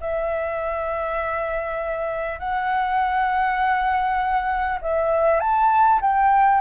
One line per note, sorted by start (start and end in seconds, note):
0.00 2.39 E5
2.39 4.79 F#5
4.81 5.39 E5
5.39 5.99 A5
6.01 6.60 G5